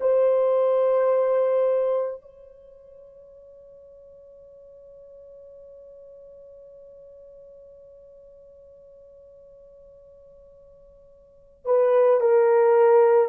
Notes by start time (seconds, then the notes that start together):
0.00 C5
2.21 C#5
11.65 B4
12.20 A#4